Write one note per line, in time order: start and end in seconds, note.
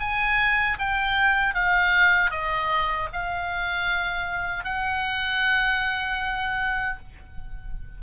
0.00 0.78 G#5
0.79 1.54 G5
1.54 2.31 F5
2.31 3.09 D#5
3.13 4.64 F5
4.64 6.98 F#5